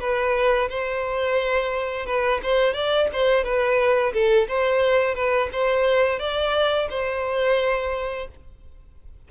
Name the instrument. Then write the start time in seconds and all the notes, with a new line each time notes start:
violin
0.00 B4
0.70 C5
2.06 B4
2.43 C5
2.74 D5
3.13 C5
3.44 B4
4.13 A4
4.48 C5
5.15 B4
5.53 C5
6.20 D5
6.90 C5